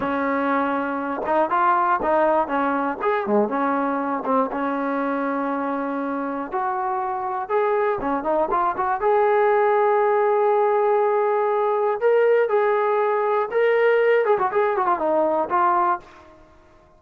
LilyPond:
\new Staff \with { instrumentName = "trombone" } { \time 4/4 \tempo 4 = 120 cis'2~ cis'8 dis'8 f'4 | dis'4 cis'4 gis'8 gis8 cis'4~ | cis'8 c'8 cis'2.~ | cis'4 fis'2 gis'4 |
cis'8 dis'8 f'8 fis'8 gis'2~ | gis'1 | ais'4 gis'2 ais'4~ | ais'8 gis'16 fis'16 gis'8 fis'16 f'16 dis'4 f'4 | }